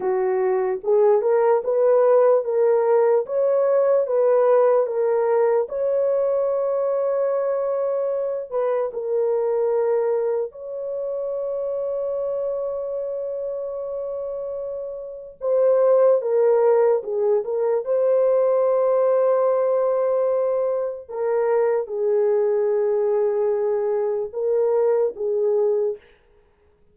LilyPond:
\new Staff \with { instrumentName = "horn" } { \time 4/4 \tempo 4 = 74 fis'4 gis'8 ais'8 b'4 ais'4 | cis''4 b'4 ais'4 cis''4~ | cis''2~ cis''8 b'8 ais'4~ | ais'4 cis''2.~ |
cis''2. c''4 | ais'4 gis'8 ais'8 c''2~ | c''2 ais'4 gis'4~ | gis'2 ais'4 gis'4 | }